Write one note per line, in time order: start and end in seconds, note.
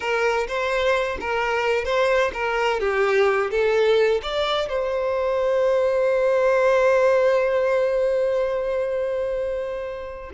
0.00 0.47 A#4
0.47 1.18 C5
1.20 1.85 A#4
1.85 2.31 C5
2.33 2.80 A#4
2.80 3.50 G4
3.50 4.21 A4
4.22 4.68 D5
4.68 10.31 C5